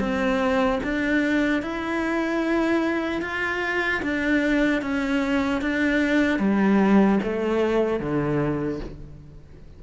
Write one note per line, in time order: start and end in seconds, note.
0.00 0.80 C4
0.84 1.62 D4
1.62 3.22 E4
3.22 4.02 F4
4.02 4.82 D4
4.82 5.61 C#4
5.61 6.39 D4
6.39 7.19 G3
7.23 8.00 A3
8.00 8.80 D3